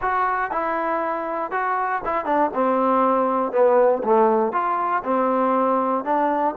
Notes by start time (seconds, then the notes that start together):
0.01 F#4
0.51 E4
1.51 F#4
2.04 E4
2.25 D4
2.54 C4
3.52 B3
4.03 A3
4.52 F4
5.04 C4
6.04 D4